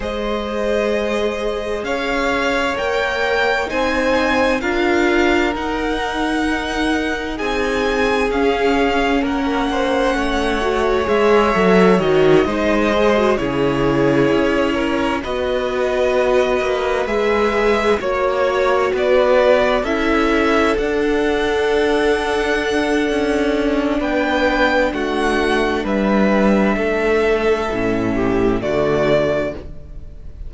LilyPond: <<
  \new Staff \with { instrumentName = "violin" } { \time 4/4 \tempo 4 = 65 dis''2 f''4 g''4 | gis''4 f''4 fis''2 | gis''4 f''4 fis''2 | e''4 dis''4. cis''4.~ |
cis''8 dis''2 e''4 cis''8~ | cis''8 d''4 e''4 fis''4.~ | fis''2 g''4 fis''4 | e''2. d''4 | }
  \new Staff \with { instrumentName = "violin" } { \time 4/4 c''2 cis''2 | c''4 ais'2. | gis'2 ais'8 c''8 cis''4~ | cis''4. c''4 gis'4. |
ais'8 b'2. cis''8~ | cis''8 b'4 a'2~ a'8~ | a'2 b'4 fis'4 | b'4 a'4. g'8 fis'4 | }
  \new Staff \with { instrumentName = "viola" } { \time 4/4 gis'2. ais'4 | dis'4 f'4 dis'2~ | dis'4 cis'2~ cis'8 fis'8 | gis'8 a'8 fis'8 dis'8 gis'16 fis'16 e'4.~ |
e'8 fis'2 gis'4 fis'8~ | fis'4. e'4 d'4.~ | d'1~ | d'2 cis'4 a4 | }
  \new Staff \with { instrumentName = "cello" } { \time 4/4 gis2 cis'4 ais4 | c'4 d'4 dis'2 | c'4 cis'4 ais4 a4 | gis8 fis8 dis8 gis4 cis4 cis'8~ |
cis'8 b4. ais8 gis4 ais8~ | ais8 b4 cis'4 d'4.~ | d'4 cis'4 b4 a4 | g4 a4 a,4 d4 | }
>>